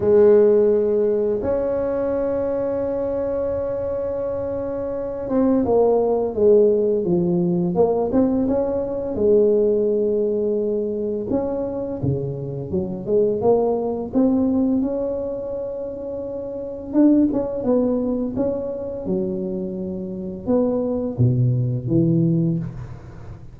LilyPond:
\new Staff \with { instrumentName = "tuba" } { \time 4/4 \tempo 4 = 85 gis2 cis'2~ | cis'2.~ cis'8 c'8 | ais4 gis4 f4 ais8 c'8 | cis'4 gis2. |
cis'4 cis4 fis8 gis8 ais4 | c'4 cis'2. | d'8 cis'8 b4 cis'4 fis4~ | fis4 b4 b,4 e4 | }